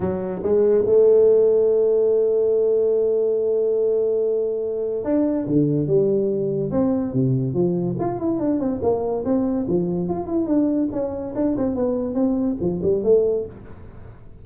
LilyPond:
\new Staff \with { instrumentName = "tuba" } { \time 4/4 \tempo 4 = 143 fis4 gis4 a2~ | a1~ | a1 | d'4 d4 g2 |
c'4 c4 f4 f'8 e'8 | d'8 c'8 ais4 c'4 f4 | f'8 e'8 d'4 cis'4 d'8 c'8 | b4 c'4 f8 g8 a4 | }